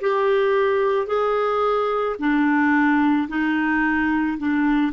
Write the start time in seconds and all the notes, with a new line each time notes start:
0.00 G4
1.07 G#4
2.19 D4
3.28 D#4
4.37 D4